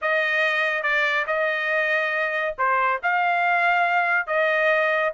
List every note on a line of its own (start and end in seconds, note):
0.01 0.82 D#5
0.82 1.25 D5
1.26 2.55 D#5
2.58 3.00 C5
3.02 4.26 F5
4.26 5.12 D#5